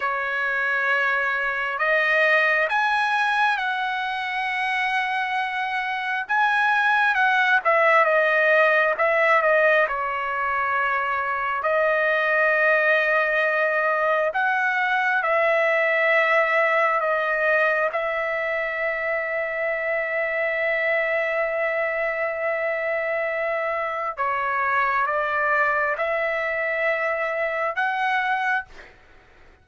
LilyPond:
\new Staff \with { instrumentName = "trumpet" } { \time 4/4 \tempo 4 = 67 cis''2 dis''4 gis''4 | fis''2. gis''4 | fis''8 e''8 dis''4 e''8 dis''8 cis''4~ | cis''4 dis''2. |
fis''4 e''2 dis''4 | e''1~ | e''2. cis''4 | d''4 e''2 fis''4 | }